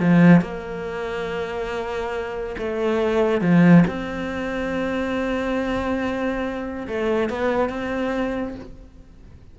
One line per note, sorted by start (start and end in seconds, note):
0.00 0.41 F3
0.41 2.56 A#3
2.58 3.41 A3
3.41 3.84 F3
3.87 6.87 C4
6.87 7.30 A3
7.30 7.69 B3
7.69 8.55 C4